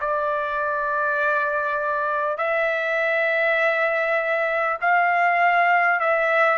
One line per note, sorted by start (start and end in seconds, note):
0.00 2.37 D5
2.37 4.77 E5
4.81 5.99 F5
5.99 6.58 E5